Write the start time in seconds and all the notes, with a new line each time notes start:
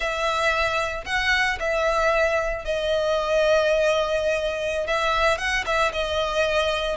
0.00 E5
1.05 F#5
1.59 E5
2.65 D#5
4.86 E5
5.38 F#5
5.66 E5
5.92 D#5